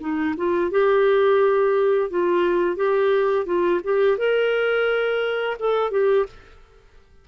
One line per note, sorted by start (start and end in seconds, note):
0.00 0.35 D#4
0.37 0.71 F4
0.71 2.10 G4
2.10 2.76 F4
2.76 3.46 G4
3.46 3.81 F4
3.84 4.18 G4
4.18 5.57 A#4
5.59 5.91 A4
5.91 6.26 G4